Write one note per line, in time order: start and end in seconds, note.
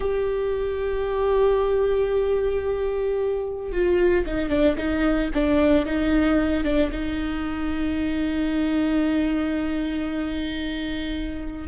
0.00 3.72 G4
3.72 4.25 F4
4.26 4.49 D#4
4.49 4.75 D4
4.77 5.30 D#4
5.34 5.85 D4
5.85 6.64 D#4
6.64 6.90 D4
6.91 11.67 D#4